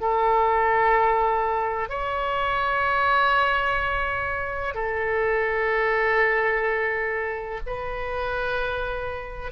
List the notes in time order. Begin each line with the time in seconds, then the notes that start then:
0.00 A4
1.89 C#5
4.74 A4
7.66 B4